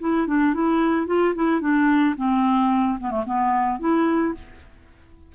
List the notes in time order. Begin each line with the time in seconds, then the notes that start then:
0.00 E4
0.27 D4
0.54 E4
1.07 F4
1.35 E4
1.61 D4
2.17 C4
3.00 B3
3.11 A3
3.26 B3
3.80 E4